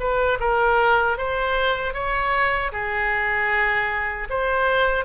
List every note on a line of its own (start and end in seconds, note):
0.00 0.39 B4
0.40 1.18 A#4
1.18 1.94 C5
1.94 2.72 C#5
2.72 4.28 G#4
4.30 5.05 C5